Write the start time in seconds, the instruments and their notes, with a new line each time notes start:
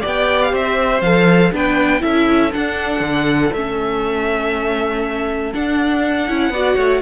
0.00 cello B3, viola G4, violin D5
0.07 violin G5
0.42 violin F5
0.51 cello C4, violin C5 E5
1.01 cello F3, viola A4, violin F5
1.52 cello B3, viola D4, violin B4 G5
2.00 cello C#4, viola E4, violin A4 E5
2.52 viola D4, cello D4, violin F#5
3.00 cello D3
3.53 cello A3, viola C#4, violin E5
5.54 viola D4, cello D4, violin F#5
6.28 cello C#4, viola E4
6.50 cello B3, viola F#4, violin D5
6.76 cello A3, violin C#5